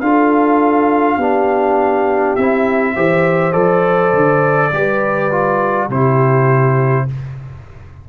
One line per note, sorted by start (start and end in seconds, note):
0.00 1.17 D4
0.00 1.20 F4
0.00 1.16 A4
0.00 2.35 F5
1.16 2.35 B3
1.16 2.37 D4
1.16 2.93 G4
2.36 2.95 C4
2.36 2.95 E4
2.36 3.52 E5
2.95 3.53 E3
2.95 3.52 G4
2.95 4.72 C5
3.52 4.12 F3
3.52 4.70 A4
3.52 5.87 D5
4.12 4.71 D3
4.73 5.89 G3
4.73 5.31 G4
4.73 5.87 B4
5.31 5.90 F4
5.87 7.06 C3
5.87 7.08 E4
5.87 7.05 G4
5.87 7.09 C5